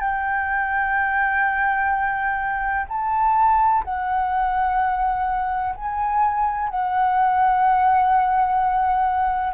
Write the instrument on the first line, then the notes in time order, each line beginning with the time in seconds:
flute
0.00 G5
2.89 A5
3.84 F#5
5.76 G#5
6.69 F#5